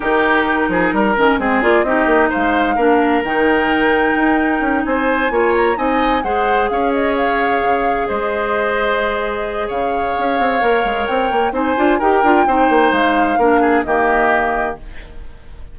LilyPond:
<<
  \new Staff \with { instrumentName = "flute" } { \time 4/4 \tempo 4 = 130 ais'2. c''8 d''8 | dis''4 f''2 g''4~ | g''2~ g''8 gis''4. | ais''8 gis''4 fis''4 f''8 dis''8 f''8~ |
f''4. dis''2~ dis''8~ | dis''4 f''2. | g''4 gis''4 g''2 | f''2 dis''2 | }
  \new Staff \with { instrumentName = "oboe" } { \time 4/4 g'4. gis'8 ais'4 gis'4 | g'4 c''4 ais'2~ | ais'2~ ais'8 c''4 cis''8~ | cis''8 dis''4 c''4 cis''4.~ |
cis''4. c''2~ c''8~ | c''4 cis''2.~ | cis''4 c''4 ais'4 c''4~ | c''4 ais'8 gis'8 g'2 | }
  \new Staff \with { instrumentName = "clarinet" } { \time 4/4 dis'2~ dis'8 cis'8 c'8 f'8 | dis'2 d'4 dis'4~ | dis'2.~ dis'8 f'8~ | f'8 dis'4 gis'2~ gis'8~ |
gis'1~ | gis'2. ais'4~ | ais'4 dis'8 f'8 g'8 f'8 dis'4~ | dis'4 d'4 ais2 | }
  \new Staff \with { instrumentName = "bassoon" } { \time 4/4 dis4. f8 g8 dis8 gis8 ais8 | c'8 ais8 gis4 ais4 dis4~ | dis4 dis'4 cis'8 c'4 ais8~ | ais8 c'4 gis4 cis'4.~ |
cis'8 cis4 gis2~ gis8~ | gis4 cis4 cis'8 c'8 ais8 gis8 | c'8 ais8 c'8 d'8 dis'8 d'8 c'8 ais8 | gis4 ais4 dis2 | }
>>